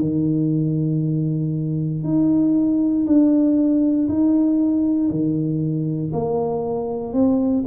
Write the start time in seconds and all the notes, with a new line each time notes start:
0.00 D#3
2.04 D#4
3.06 D4
4.08 D#4
5.10 D#3
6.12 A#3
7.13 C4